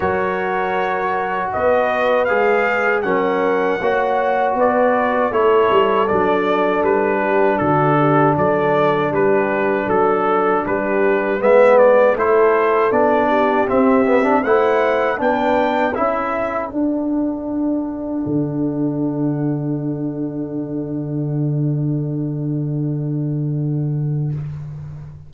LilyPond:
<<
  \new Staff \with { instrumentName = "trumpet" } { \time 4/4 \tempo 4 = 79 cis''2 dis''4 f''4 | fis''2 d''4 cis''4 | d''4 b'4 a'4 d''4 | b'4 a'4 b'4 e''8 d''8 |
c''4 d''4 e''4 fis''4 | g''4 e''4 fis''2~ | fis''1~ | fis''1 | }
  \new Staff \with { instrumentName = "horn" } { \time 4/4 ais'2 b'2 | ais'4 cis''4 b'4 a'4~ | a'4. g'8 fis'8 g'8 a'4 | g'4 a'4 g'4 b'4 |
a'4. g'4. c''4 | b'4 a'2.~ | a'1~ | a'1 | }
  \new Staff \with { instrumentName = "trombone" } { \time 4/4 fis'2. gis'4 | cis'4 fis'2 e'4 | d'1~ | d'2. b4 |
e'4 d'4 c'8 b16 d'16 e'4 | d'4 e'4 d'2~ | d'1~ | d'1 | }
  \new Staff \with { instrumentName = "tuba" } { \time 4/4 fis2 b4 gis4 | fis4 ais4 b4 a8 g8 | fis4 g4 d4 fis4 | g4 fis4 g4 gis4 |
a4 b4 c'4 a4 | b4 cis'4 d'2 | d1~ | d1 | }
>>